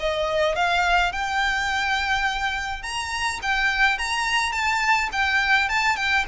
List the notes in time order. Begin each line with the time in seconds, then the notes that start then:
0.00 D#5
0.56 F5
1.12 G5
2.83 A#5
3.42 G5
3.98 A#5
4.52 A5
5.12 G5
5.69 A5
5.97 G5